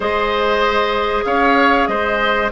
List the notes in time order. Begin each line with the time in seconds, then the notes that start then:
0.00 G#3 G#4 C5 D#5
1.24 C#4 C#5 F5
1.87 G#3 C5 D#5